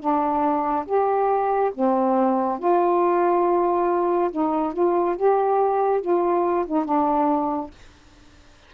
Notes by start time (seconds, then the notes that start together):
0.00 D4
0.86 G4
1.75 C4
2.59 F4
4.32 D#4
4.73 F4
5.17 G4
6.02 F4
6.67 D#4
6.85 D4